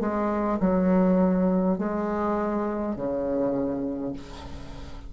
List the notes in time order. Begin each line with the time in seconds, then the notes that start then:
0.00 G#3
0.60 F#3
1.78 G#3
2.95 C#3